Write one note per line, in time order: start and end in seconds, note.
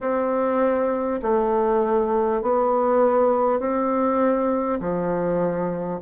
0.00 1.20 C4
1.22 2.42 A3
2.42 3.59 B3
3.59 4.79 C4
4.80 6.00 F3